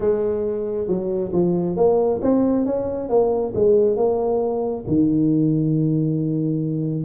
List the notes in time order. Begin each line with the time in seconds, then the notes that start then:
0.00 G#3
0.87 F#3
1.32 F3
1.76 A#3
2.22 C4
2.65 C#4
3.09 A#3
3.55 G#3
3.96 A#3
4.87 D#3